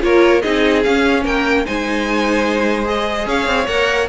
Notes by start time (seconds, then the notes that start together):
0.00 A#3 F4 A#4 C#5
0.41 C4 D#4 G#4 D#5
0.83 C#4 F5
1.23 A#3 A#4 G5
1.65 G#3 D#4 C5 G#5
2.84 G#4 D#5
3.25 C#4 C#5 F5
3.46 C4
3.67 A#3 A#4 F#5